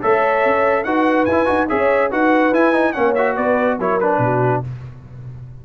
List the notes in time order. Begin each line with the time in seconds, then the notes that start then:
0.00 A3 A4 C#5 E5
0.45 C#4
0.84 D#4 F#4 B4 F#5
1.25 E4 G#5
1.32 E4
1.46 D#4 F#4
1.68 C#4 G#4 C#5 E5
2.09 D#4 F#4 B4 F#5
2.52 E4 G#5
2.73 D#4
2.92 A#3 C#4 C#5 F#5
3.15 F#4 E5
3.35 B3 B4 D5
3.79 F#3 E4 A#4 C#5
4.00 D4 B4
4.18 B2 F#4